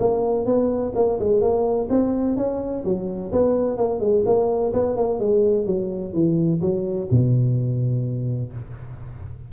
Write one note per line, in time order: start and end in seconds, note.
0.00 0.46 A#3
0.46 0.93 B3
0.96 1.19 A#3
1.20 1.42 G#3
1.42 1.89 A#3
1.90 2.37 C4
2.37 2.84 C#4
2.85 3.32 F#3
3.32 3.78 B3
3.78 4.00 A#3
4.00 4.24 G#3
4.26 4.73 A#3
4.74 4.97 B3
4.97 5.20 A#3
5.20 5.66 G#3
5.66 6.14 F#3
6.14 6.61 E3
6.62 7.09 F#3
7.11 8.53 B2